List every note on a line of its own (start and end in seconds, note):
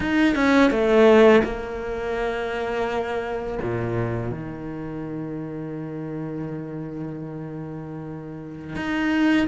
0.00 0.35 D#4
0.35 0.70 C#4
0.70 1.42 A3
1.44 3.58 A#3
3.62 4.31 A#2
4.31 8.75 D#3
8.75 9.47 D#4